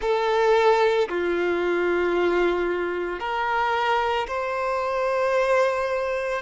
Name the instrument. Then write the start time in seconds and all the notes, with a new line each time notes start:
violin
0.00 A4
1.08 F4
3.19 A#4
4.27 C5